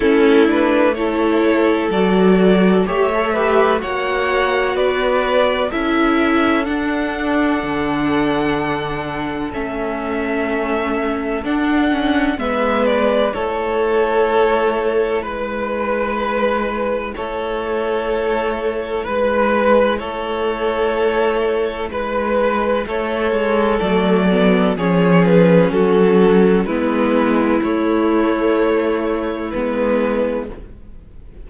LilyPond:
<<
  \new Staff \with { instrumentName = "violin" } { \time 4/4 \tempo 4 = 63 a'8 b'8 cis''4 d''4 e''4 | fis''4 d''4 e''4 fis''4~ | fis''2 e''2 | fis''4 e''8 d''8 cis''2 |
b'2 cis''2 | b'4 cis''2 b'4 | cis''4 d''4 cis''8 b'8 a'4 | b'4 cis''2 b'4 | }
  \new Staff \with { instrumentName = "violin" } { \time 4/4 e'4 a'2 cis''8 b'8 | cis''4 b'4 a'2~ | a'1~ | a'4 b'4 a'2 |
b'2 a'2 | b'4 a'2 b'4 | a'2 gis'4 fis'4 | e'1 | }
  \new Staff \with { instrumentName = "viola" } { \time 4/4 cis'8 d'8 e'4 fis'4 g'16 a'16 g'8 | fis'2 e'4 d'4~ | d'2 cis'2 | d'8 cis'8 b4 e'2~ |
e'1~ | e'1~ | e'4 a8 b8 cis'2 | b4 a2 b4 | }
  \new Staff \with { instrumentName = "cello" } { \time 4/4 a2 fis4 a4 | ais4 b4 cis'4 d'4 | d2 a2 | d'4 gis4 a2 |
gis2 a2 | gis4 a2 gis4 | a8 gis8 fis4 f4 fis4 | gis4 a2 gis4 | }
>>